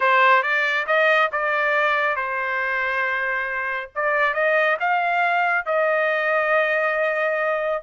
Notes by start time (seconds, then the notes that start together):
0.00 C5
0.42 D5
0.87 D#5
1.32 D5
2.16 C5
3.95 D5
4.33 D#5
4.79 F5
5.65 D#5